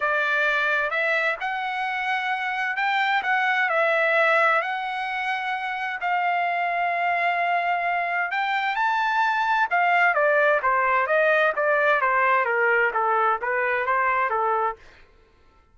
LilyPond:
\new Staff \with { instrumentName = "trumpet" } { \time 4/4 \tempo 4 = 130 d''2 e''4 fis''4~ | fis''2 g''4 fis''4 | e''2 fis''2~ | fis''4 f''2.~ |
f''2 g''4 a''4~ | a''4 f''4 d''4 c''4 | dis''4 d''4 c''4 ais'4 | a'4 b'4 c''4 a'4 | }